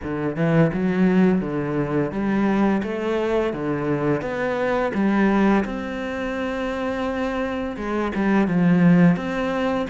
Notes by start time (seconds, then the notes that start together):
0.03 D3
0.36 E3
0.73 F#3
1.41 D3
2.11 G3
2.82 A3
3.53 D3
4.21 B3
4.93 G3
5.64 C4
7.76 G#3
8.15 G3
8.47 F3
9.16 C4